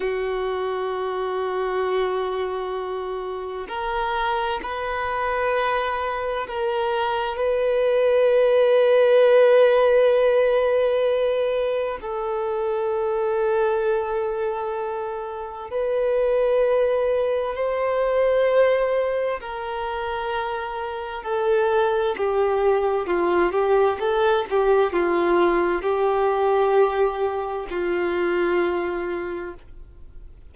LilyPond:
\new Staff \with { instrumentName = "violin" } { \time 4/4 \tempo 4 = 65 fis'1 | ais'4 b'2 ais'4 | b'1~ | b'4 a'2.~ |
a'4 b'2 c''4~ | c''4 ais'2 a'4 | g'4 f'8 g'8 a'8 g'8 f'4 | g'2 f'2 | }